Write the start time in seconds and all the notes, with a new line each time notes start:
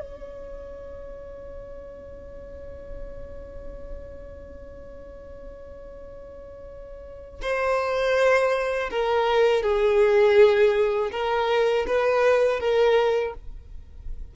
0.00 C#5
7.41 C5
8.91 A#4
9.63 G#4
11.11 A#4
11.87 B4
12.60 A#4